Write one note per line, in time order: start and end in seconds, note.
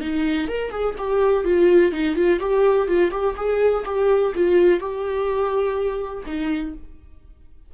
0.00 0.48 D#4
0.48 0.70 A#4
0.70 0.94 G#4
0.98 1.44 G4
1.44 1.92 F4
1.92 2.15 D#4
2.15 2.39 F4
2.39 2.87 G4
2.87 3.11 F4
3.11 3.35 G4
3.36 3.84 G#4
3.85 4.33 G4
4.34 4.79 F4
4.79 6.23 G4
6.26 6.74 D#4